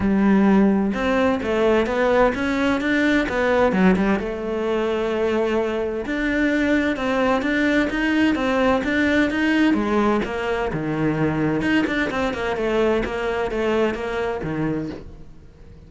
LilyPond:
\new Staff \with { instrumentName = "cello" } { \time 4/4 \tempo 4 = 129 g2 c'4 a4 | b4 cis'4 d'4 b4 | fis8 g8 a2.~ | a4 d'2 c'4 |
d'4 dis'4 c'4 d'4 | dis'4 gis4 ais4 dis4~ | dis4 dis'8 d'8 c'8 ais8 a4 | ais4 a4 ais4 dis4 | }